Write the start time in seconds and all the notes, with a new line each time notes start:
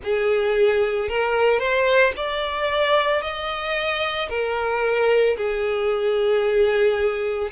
0.03 G#4
1.09 A#4
1.59 C5
2.16 D5
3.21 D#5
4.29 A#4
5.36 G#4